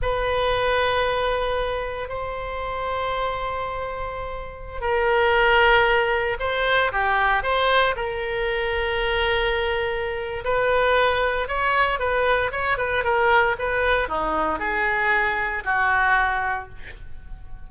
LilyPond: \new Staff \with { instrumentName = "oboe" } { \time 4/4 \tempo 4 = 115 b'1 | c''1~ | c''4~ c''16 ais'2~ ais'8.~ | ais'16 c''4 g'4 c''4 ais'8.~ |
ais'1 | b'2 cis''4 b'4 | cis''8 b'8 ais'4 b'4 dis'4 | gis'2 fis'2 | }